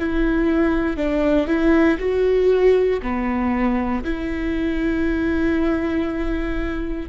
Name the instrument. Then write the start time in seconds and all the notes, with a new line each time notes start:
viola
0.00 E4
0.97 D4
1.47 E4
1.99 F#4
3.02 B3
4.04 E4